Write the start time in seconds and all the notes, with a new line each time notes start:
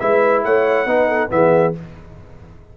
0.00 G#3 E4 B4 E5
0.44 A3 C#5 F#5
0.86 B3 D#4 B4
1.08 A4
1.29 E3 B3 G#4 E5